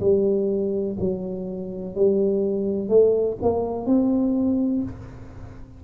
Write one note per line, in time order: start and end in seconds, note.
0.00 0.97 G3
0.99 1.95 F#3
1.95 2.89 G3
2.89 3.37 A3
3.42 3.86 A#3
3.86 4.83 C4